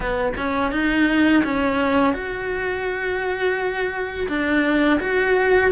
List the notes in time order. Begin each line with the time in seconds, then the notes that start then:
0.00 B3
0.37 C#4
0.71 D#4
1.44 C#4
2.13 F#4
4.28 D4
5.00 F#4